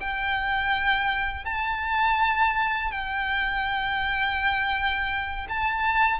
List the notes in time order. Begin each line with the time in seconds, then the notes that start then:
0.00 G5
1.45 A5
2.91 G5
5.49 A5